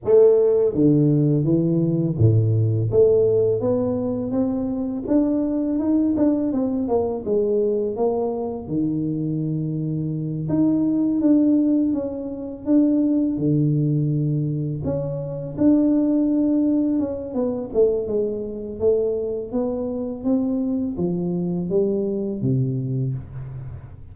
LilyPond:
\new Staff \with { instrumentName = "tuba" } { \time 4/4 \tempo 4 = 83 a4 d4 e4 a,4 | a4 b4 c'4 d'4 | dis'8 d'8 c'8 ais8 gis4 ais4 | dis2~ dis8 dis'4 d'8~ |
d'8 cis'4 d'4 d4.~ | d8 cis'4 d'2 cis'8 | b8 a8 gis4 a4 b4 | c'4 f4 g4 c4 | }